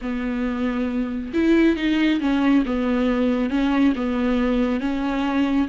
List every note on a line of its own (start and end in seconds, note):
0.01 1.33 B3
1.33 1.76 E4
1.76 2.20 D#4
2.20 2.64 C#4
2.65 3.50 B3
3.50 3.93 C#4
3.95 4.80 B3
4.80 5.68 C#4